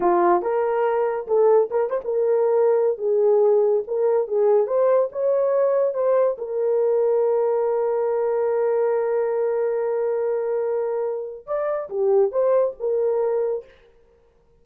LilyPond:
\new Staff \with { instrumentName = "horn" } { \time 4/4 \tempo 4 = 141 f'4 ais'2 a'4 | ais'8 c''16 ais'2~ ais'16 gis'4~ | gis'4 ais'4 gis'4 c''4 | cis''2 c''4 ais'4~ |
ais'1~ | ais'1~ | ais'2. d''4 | g'4 c''4 ais'2 | }